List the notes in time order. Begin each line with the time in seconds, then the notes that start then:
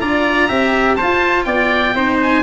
0.00 D4 F4 D5 A#5
0.48 C4 G4 E5
0.95 F4 C5 A5
1.02 F4
1.44 B3 D5 G5
1.94 C4 D#4 C5
2.22 G#5